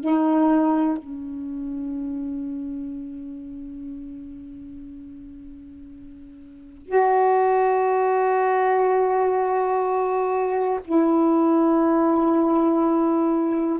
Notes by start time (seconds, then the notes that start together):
0.00 D#4
0.97 C#4
6.86 F#4
10.85 E4